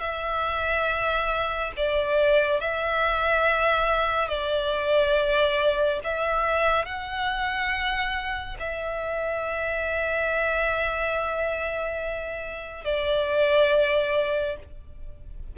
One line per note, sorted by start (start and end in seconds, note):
0.00 1.71 E5
1.76 2.60 D5
2.60 4.28 E5
4.28 5.99 D5
6.03 6.85 E5
6.85 8.56 F#5
8.59 12.85 E5
12.85 14.56 D5